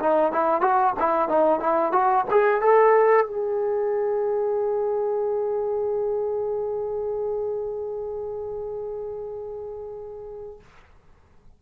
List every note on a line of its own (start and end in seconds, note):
0.00 0.32 D#4
0.32 0.61 E4
0.61 0.94 F#4
1.00 1.29 E4
1.29 1.60 D#4
1.60 1.93 E4
1.93 2.25 F#4
2.31 2.62 G#4
2.62 3.26 A4
3.26 10.60 G#4